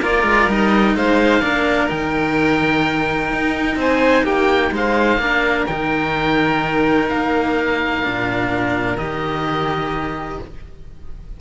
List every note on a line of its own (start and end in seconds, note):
0.00 0.23 A#3
0.00 0.49 F4
0.00 0.96 A#4
0.00 0.51 D5
0.23 0.47 G#3
0.48 0.95 G3
0.48 1.42 D#4
0.48 0.96 D#5
0.95 1.42 G#3
0.95 1.42 C5
0.95 1.89 F5
1.42 1.90 A#3
1.42 1.89 D4
1.42 3.78 A#4
1.89 3.33 D#3
1.89 5.19 D#4
1.89 3.78 G5
3.33 3.76 D#4
3.76 4.23 C4
3.76 4.25 C5
3.76 4.26 G#5
4.23 4.71 A#3
4.23 4.72 G4
4.23 4.73 G5
4.71 5.18 G#3
4.71 5.21 C5
4.71 5.67 F5
5.18 5.65 A#3
5.18 5.67 D4
5.18 10.41 A#4
5.67 7.10 D#3
5.67 8.03 D#4
5.67 7.08 G5
7.09 8.06 A#3
7.09 8.98 F5
8.03 8.97 A#2
8.03 8.97 D4
8.97 10.39 D#3
8.97 10.40 G4
8.97 10.40 D#5